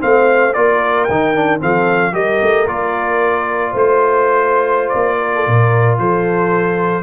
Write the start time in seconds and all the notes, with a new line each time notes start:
0.00 A3 C4 C5 F5
0.54 A#3 F4 A#4 D5
1.05 D#3 G5
1.11 D#4
1.36 D4
1.60 F3 C4 A4 F5
2.13 G3 G4 A#4 D#5
2.43 A3
2.68 A#3 F4 D5
3.71 A3 C5
3.78 C5
4.90 A#3 D5
5.18 A#4
5.36 A4
5.48 A#2 A#4
5.99 F3 A4 C5